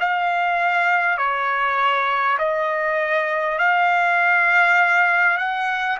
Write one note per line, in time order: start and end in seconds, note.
0.00 1.17 F5
1.17 2.37 C#5
2.38 3.58 D#5
3.58 5.37 F5
5.37 5.97 F#5